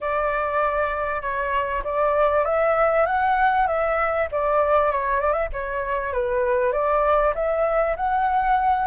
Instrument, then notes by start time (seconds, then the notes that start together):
flute
0.00 D5
1.21 C#5
1.84 D5
2.45 E5
3.06 F#5
3.67 E5
4.31 D5
4.91 C#5
5.20 D5
5.32 E5
5.52 C#5
6.12 B4
6.72 D5
7.34 E5
7.96 F#5